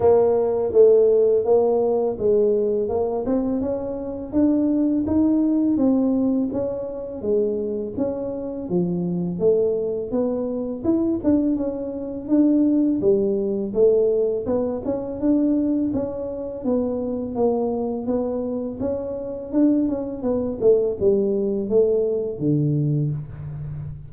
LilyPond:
\new Staff \with { instrumentName = "tuba" } { \time 4/4 \tempo 4 = 83 ais4 a4 ais4 gis4 | ais8 c'8 cis'4 d'4 dis'4 | c'4 cis'4 gis4 cis'4 | f4 a4 b4 e'8 d'8 |
cis'4 d'4 g4 a4 | b8 cis'8 d'4 cis'4 b4 | ais4 b4 cis'4 d'8 cis'8 | b8 a8 g4 a4 d4 | }